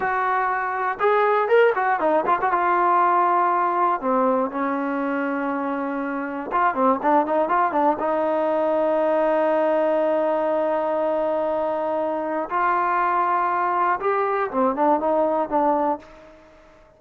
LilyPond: \new Staff \with { instrumentName = "trombone" } { \time 4/4 \tempo 4 = 120 fis'2 gis'4 ais'8 fis'8 | dis'8 f'16 fis'16 f'2. | c'4 cis'2.~ | cis'4 f'8 c'8 d'8 dis'8 f'8 d'8 |
dis'1~ | dis'1~ | dis'4 f'2. | g'4 c'8 d'8 dis'4 d'4 | }